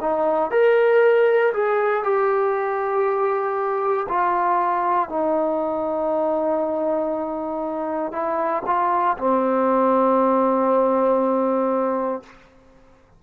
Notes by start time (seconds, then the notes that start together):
0.00 D#4
0.50 A#4
1.53 G#4
2.03 G4
4.08 F4
5.09 D#4
8.12 E4
8.66 F4
9.17 C4